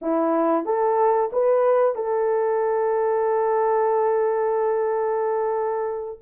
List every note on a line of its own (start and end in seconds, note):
0.01 0.65 E4
0.65 1.30 A4
1.32 1.95 B4
1.95 6.19 A4